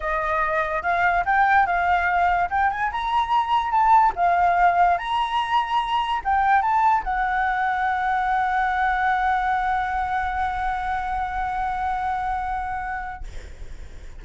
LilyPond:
\new Staff \with { instrumentName = "flute" } { \time 4/4 \tempo 4 = 145 dis''2 f''4 g''4 | f''2 g''8 gis''8 ais''4~ | ais''4 a''4 f''2 | ais''2. g''4 |
a''4 fis''2.~ | fis''1~ | fis''1~ | fis''1 | }